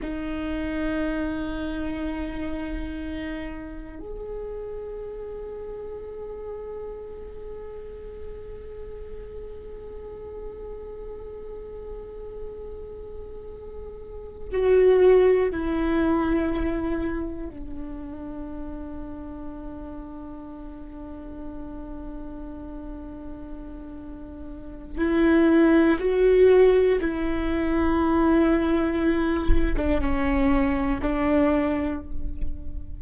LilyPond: \new Staff \with { instrumentName = "viola" } { \time 4/4 \tempo 4 = 60 dis'1 | gis'1~ | gis'1~ | gis'2~ gis'8 fis'4 e'8~ |
e'4. d'2~ d'8~ | d'1~ | d'4 e'4 fis'4 e'4~ | e'4.~ e'16 d'16 cis'4 d'4 | }